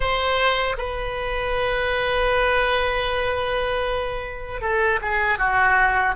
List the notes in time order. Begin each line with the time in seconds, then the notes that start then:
0.00 C5
0.77 B4
4.61 A4
5.01 G#4
5.38 F#4